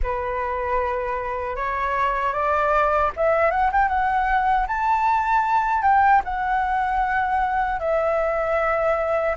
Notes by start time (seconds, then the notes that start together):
0.02 B4
1.55 C#5
2.33 D5
3.16 E5
3.51 F#5
3.72 G5
3.88 F#5
4.67 A5
5.82 G5
6.24 F#5
7.79 E5